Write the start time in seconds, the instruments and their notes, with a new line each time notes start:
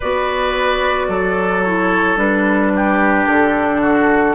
0.00 bassoon B3, clarinet F#4, oboe B4, flute D5
1.08 bassoon F#3, oboe A4
1.63 clarinet E4, flute C#5
2.16 bassoon G3, clarinet D4, flute B4
2.75 oboe G4
3.27 bassoon D3, flute A4
3.81 oboe F#4